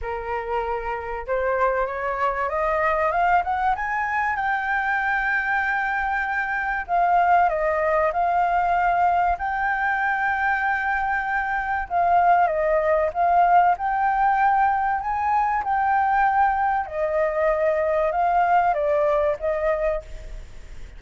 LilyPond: \new Staff \with { instrumentName = "flute" } { \time 4/4 \tempo 4 = 96 ais'2 c''4 cis''4 | dis''4 f''8 fis''8 gis''4 g''4~ | g''2. f''4 | dis''4 f''2 g''4~ |
g''2. f''4 | dis''4 f''4 g''2 | gis''4 g''2 dis''4~ | dis''4 f''4 d''4 dis''4 | }